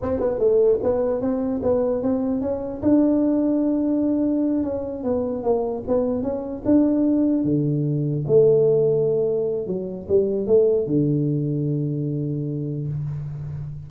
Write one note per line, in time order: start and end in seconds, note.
0.02 0.20 C4
0.20 0.38 B3
0.38 0.79 A3
0.82 1.21 B3
1.21 1.61 C4
1.62 2.02 B3
2.02 2.41 C4
2.41 2.81 C#4
2.82 4.63 D4
4.63 5.03 C#4
5.03 5.43 B3
5.43 5.83 A#3
5.87 6.22 B3
6.22 6.62 C#4
6.65 7.44 D4
7.44 8.24 D3
8.27 9.66 A3
9.66 10.07 F#3
10.08 10.46 G3
10.46 10.86 A3
10.86 12.87 D3